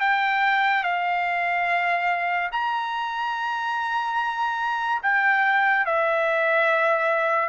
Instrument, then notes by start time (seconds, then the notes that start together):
trumpet
0.00 G5
0.83 F5
2.52 A#5
5.03 G5
5.86 E5